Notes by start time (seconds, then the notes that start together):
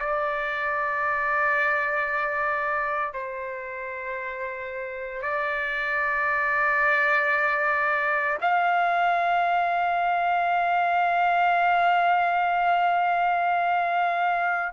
0.00 D5
3.14 C5
5.22 D5
8.42 F5